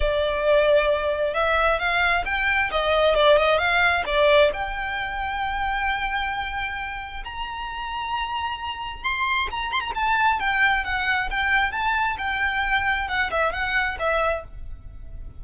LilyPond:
\new Staff \with { instrumentName = "violin" } { \time 4/4 \tempo 4 = 133 d''2. e''4 | f''4 g''4 dis''4 d''8 dis''8 | f''4 d''4 g''2~ | g''1 |
ais''1 | c'''4 ais''8 c'''16 ais''16 a''4 g''4 | fis''4 g''4 a''4 g''4~ | g''4 fis''8 e''8 fis''4 e''4 | }